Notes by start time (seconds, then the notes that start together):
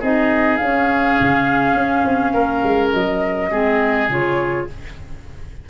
0.00 C4 D#4 G#4 D#5
0.57 C#4 F5
1.21 C#3
1.75 C#4
2.04 C4
2.33 A#3 A#4
2.64 G#3
2.93 F#3 D#5
3.51 G#3 C4 G#4
4.09 C#3 F4 C#5